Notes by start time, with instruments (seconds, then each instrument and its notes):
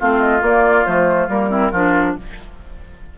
0.00 bassoon A3, clarinet C4, oboe F4, flute F5
0.21 flute D#5
0.40 clarinet A#3, bassoon A#3, flute D5
0.86 bassoon F3, clarinet A3, flute C5
1.29 bassoon G3, clarinet A#3, flute A#4
1.50 clarinet C4, oboe E4
1.72 bassoon F3, clarinet D4, oboe F4